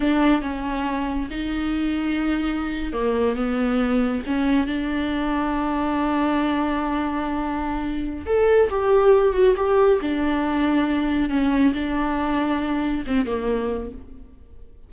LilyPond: \new Staff \with { instrumentName = "viola" } { \time 4/4 \tempo 4 = 138 d'4 cis'2 dis'4~ | dis'2~ dis'8. ais4 b16~ | b4.~ b16 cis'4 d'4~ d'16~ | d'1~ |
d'2. a'4 | g'4. fis'8 g'4 d'4~ | d'2 cis'4 d'4~ | d'2 c'8 ais4. | }